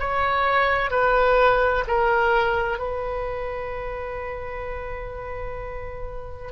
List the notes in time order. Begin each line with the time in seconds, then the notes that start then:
0.00 C#5
0.91 B4
1.88 A#4
2.79 B4